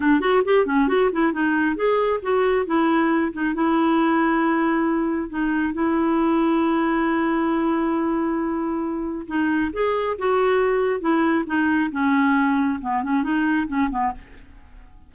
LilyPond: \new Staff \with { instrumentName = "clarinet" } { \time 4/4 \tempo 4 = 136 d'8 fis'8 g'8 cis'8 fis'8 e'8 dis'4 | gis'4 fis'4 e'4. dis'8 | e'1 | dis'4 e'2.~ |
e'1~ | e'4 dis'4 gis'4 fis'4~ | fis'4 e'4 dis'4 cis'4~ | cis'4 b8 cis'8 dis'4 cis'8 b8 | }